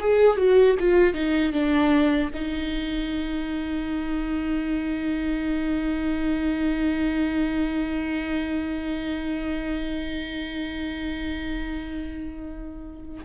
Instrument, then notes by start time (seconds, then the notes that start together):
viola
0.00 G#4
0.37 F#4
0.79 F4
1.14 D#4
1.53 D4
2.34 D#4